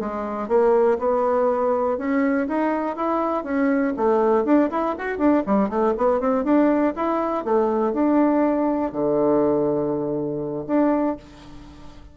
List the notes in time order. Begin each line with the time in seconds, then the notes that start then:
0.00 G#3
0.48 A#3
0.98 B3
1.98 C#4
2.48 D#4
2.96 E4
3.44 C#4
3.96 A3
4.44 D4
4.70 E4
4.98 F#4
5.18 D4
5.46 G3
5.69 A3
5.97 B3
6.20 C4
6.44 D4
6.96 E4
7.45 A3
7.93 D4
8.92 D3
10.67 D4